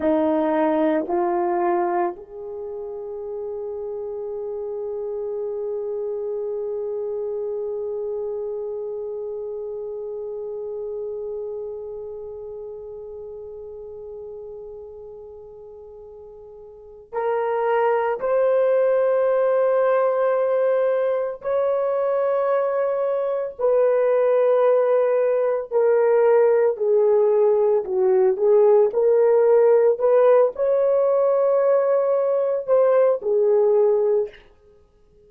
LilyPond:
\new Staff \with { instrumentName = "horn" } { \time 4/4 \tempo 4 = 56 dis'4 f'4 gis'2~ | gis'1~ | gis'1~ | gis'1 |
ais'4 c''2. | cis''2 b'2 | ais'4 gis'4 fis'8 gis'8 ais'4 | b'8 cis''2 c''8 gis'4 | }